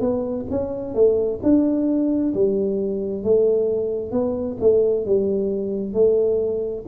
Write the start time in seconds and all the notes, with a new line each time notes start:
0.00 B3
0.50 C#4
0.94 A3
1.43 D4
2.34 G3
3.24 A3
4.12 B3
4.60 A3
5.06 G3
5.94 A3